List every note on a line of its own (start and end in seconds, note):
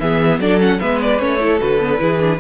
0.00 0.39 E3
0.00 0.42 B3
0.00 0.42 G#4
0.00 0.40 E5
0.39 0.79 F#3
0.39 0.60 D4
0.39 0.81 A4
0.39 0.61 D5
0.60 0.80 C#4
0.60 0.80 F#5
0.80 1.22 G#3
0.80 1.19 B3
0.80 1.41 B4
0.80 1.00 E5
1.02 1.20 D5
1.19 1.62 A3
1.19 1.39 C#4
1.19 1.60 C#5
1.40 1.60 E4
1.40 2.01 A4
1.60 2.02 D3
1.60 1.80 F#4
1.60 2.40 B4
1.81 1.99 B3
1.99 2.40 E3
1.99 2.19 E4
1.99 2.40 G#4
2.20 2.40 D4